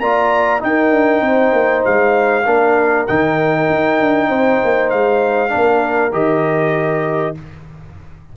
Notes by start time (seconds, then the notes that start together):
0.00 A#3 F4 D5 A#5
0.60 D#4 G5
0.66 A#4
0.91 D4
1.21 C4 C5
1.53 A#3
1.85 G#3 F5
2.45 A#3 D4 A#4
3.07 D#3 D#4 G5
3.70 D#4
4.00 D4
4.28 C4 C5
4.64 A#3
4.89 G#3 F5
5.49 A#3 D4 A#4
6.12 D#3 G4 D#5